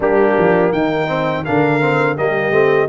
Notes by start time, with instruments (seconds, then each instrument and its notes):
0.00 tuba G3, trombone A#3, horn D4, trumpet G4
0.38 tuba F3
0.72 tuba D#3, horn D#4, trumpet G5
1.07 trombone C4
1.44 tuba D3, trombone D4, horn A#4, trumpet F5
1.80 trombone C4
2.16 tuba G3, trombone A#3, horn G4, trumpet D#5
2.51 tuba A3, trombone C4